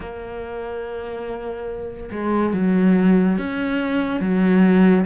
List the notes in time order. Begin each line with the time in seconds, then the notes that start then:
0.00 A#3
2.11 G#3
2.53 F#3
3.38 C#4
4.20 F#3